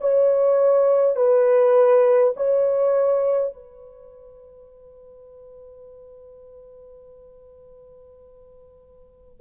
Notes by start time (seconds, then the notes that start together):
0.00 C#5
1.16 B4
2.36 C#5
3.53 B4